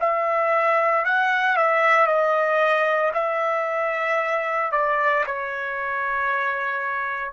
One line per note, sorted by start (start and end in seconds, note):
0.00 1.05 E5
1.05 1.56 F#5
1.56 2.06 E5
2.06 3.11 D#5
3.13 4.71 E5
4.71 5.24 D5
5.26 7.32 C#5